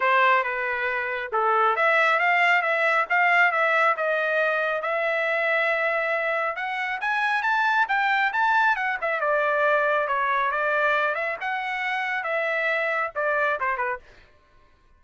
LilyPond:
\new Staff \with { instrumentName = "trumpet" } { \time 4/4 \tempo 4 = 137 c''4 b'2 a'4 | e''4 f''4 e''4 f''4 | e''4 dis''2 e''4~ | e''2. fis''4 |
gis''4 a''4 g''4 a''4 | fis''8 e''8 d''2 cis''4 | d''4. e''8 fis''2 | e''2 d''4 c''8 b'8 | }